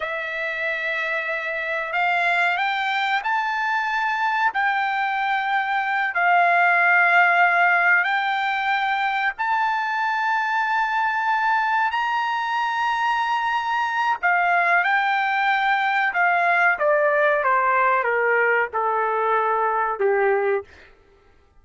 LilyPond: \new Staff \with { instrumentName = "trumpet" } { \time 4/4 \tempo 4 = 93 e''2. f''4 | g''4 a''2 g''4~ | g''4. f''2~ f''8~ | f''8 g''2 a''4.~ |
a''2~ a''8 ais''4.~ | ais''2 f''4 g''4~ | g''4 f''4 d''4 c''4 | ais'4 a'2 g'4 | }